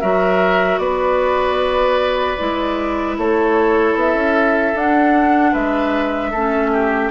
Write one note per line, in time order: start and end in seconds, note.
0.00 0.78 F#3
0.00 2.37 F#4
0.00 0.79 A#4
0.00 0.78 E5
0.78 2.36 B3
0.78 3.18 B4
0.78 3.15 D5
2.38 3.17 G#3
2.38 4.75 E4
3.17 3.94 A3
3.17 5.52 A4
3.17 3.97 C#5
3.94 4.14 B3
3.94 4.77 E5
4.14 4.73 C#4
4.74 5.53 D4
4.74 6.33 D4
4.74 5.53 F#5
5.52 6.32 G#3
5.52 6.30 B4
5.52 7.11 E5
6.30 7.11 A3
6.30 7.11 C#4
6.30 6.70 A4
6.72 7.11 G4